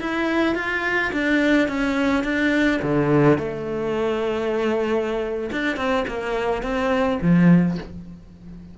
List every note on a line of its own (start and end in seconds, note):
0.00 0.55 E4
0.55 1.11 F4
1.12 1.68 D4
1.68 2.24 C#4
2.24 2.80 D4
2.82 3.38 D3
3.38 5.50 A3
5.52 5.76 D4
5.76 6.05 C4
6.08 6.62 A#3
6.62 7.19 C4
7.21 7.78 F3